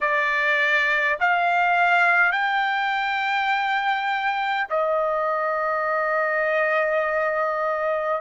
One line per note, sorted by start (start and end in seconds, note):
0.00 1.18 D5
1.20 2.32 F5
2.32 4.67 G5
4.69 8.21 D#5